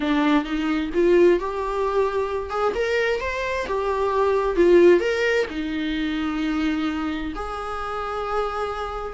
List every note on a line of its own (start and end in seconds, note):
0.00 0.44 D4
0.44 0.90 D#4
0.94 1.39 F4
1.39 2.50 G4
2.50 2.73 G#4
2.74 3.20 A#4
3.20 3.66 C5
3.67 4.56 G4
4.56 5.00 F4
5.00 5.45 A#4
5.50 7.33 D#4
7.35 9.14 G#4